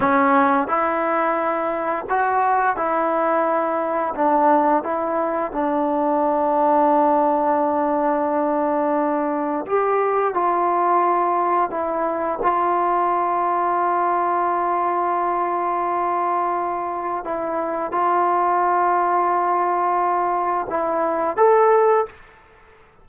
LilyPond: \new Staff \with { instrumentName = "trombone" } { \time 4/4 \tempo 4 = 87 cis'4 e'2 fis'4 | e'2 d'4 e'4 | d'1~ | d'2 g'4 f'4~ |
f'4 e'4 f'2~ | f'1~ | f'4 e'4 f'2~ | f'2 e'4 a'4 | }